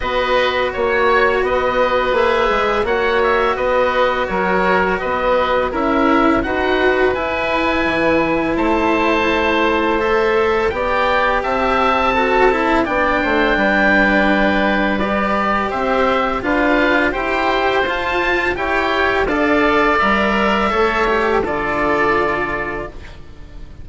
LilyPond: <<
  \new Staff \with { instrumentName = "oboe" } { \time 4/4 \tempo 4 = 84 dis''4 cis''4 dis''4 e''4 | fis''8 e''8 dis''4 cis''4 dis''4 | e''4 fis''4 gis''2 | a''2 e''4 g''4 |
a''2 g''2~ | g''4 d''4 e''4 f''4 | g''4 a''4 g''4 f''4 | e''2 d''2 | }
  \new Staff \with { instrumentName = "oboe" } { \time 4/4 b'4 cis''4 b'2 | cis''4 b'4 ais'4 b'4 | ais'4 b'2. | c''2. d''4 |
e''4 a'4 d''8 c''8 b'4~ | b'2 c''4 b'4 | c''2 cis''4 d''4~ | d''4 cis''4 a'2 | }
  \new Staff \with { instrumentName = "cello" } { \time 4/4 fis'2. gis'4 | fis'1 | e'4 fis'4 e'2~ | e'2 a'4 g'4~ |
g'4 fis'8 e'8 d'2~ | d'4 g'2 f'4 | g'4 f'4 g'4 a'4 | ais'4 a'8 g'8 f'2 | }
  \new Staff \with { instrumentName = "bassoon" } { \time 4/4 b4 ais4 b4 ais8 gis8 | ais4 b4 fis4 b4 | cis'4 dis'4 e'4 e4 | a2. b4 |
c'2 b8 a8 g4~ | g2 c'4 d'4 | e'4 f'4 e'4 d'4 | g4 a4 d2 | }
>>